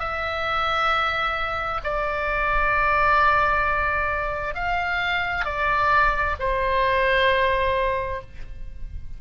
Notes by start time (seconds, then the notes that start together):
0.00 E5
1.84 D5
4.55 F5
5.45 D5
6.40 C5